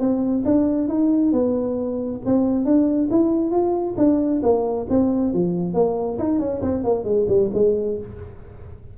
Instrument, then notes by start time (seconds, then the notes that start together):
tuba
0.00 C4
0.46 D4
0.89 D#4
1.33 B3
2.26 C4
2.65 D4
3.11 E4
3.51 F4
3.98 D4
4.43 A#3
4.90 C4
5.34 F3
5.74 A#3
6.19 D#4
6.40 C#4
6.62 C4
6.84 A#3
7.05 G#3
7.29 G3
7.54 G#3